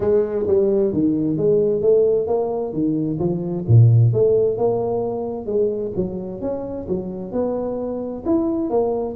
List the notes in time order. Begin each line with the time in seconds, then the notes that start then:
0.00 G#3
0.47 G3
0.93 D#3
1.37 G#3
1.81 A3
2.27 A#3
2.73 D#3
3.19 F3
3.67 A#2
4.13 A3
4.57 A#3
5.46 G#3
5.95 F#3
6.41 C#4
6.88 F#3
7.32 B3
8.25 E4
8.69 A#3